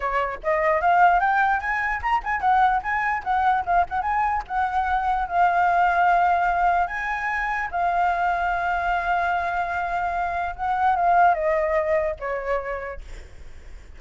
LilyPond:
\new Staff \with { instrumentName = "flute" } { \time 4/4 \tempo 4 = 148 cis''4 dis''4 f''4 g''4 | gis''4 ais''8 gis''8 fis''4 gis''4 | fis''4 f''8 fis''8 gis''4 fis''4~ | fis''4 f''2.~ |
f''4 gis''2 f''4~ | f''1~ | f''2 fis''4 f''4 | dis''2 cis''2 | }